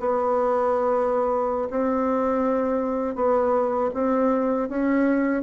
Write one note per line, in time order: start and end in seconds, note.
0.00 1.69 B3
1.70 3.15 C4
3.15 3.90 B3
3.94 4.69 C4
4.69 5.43 C#4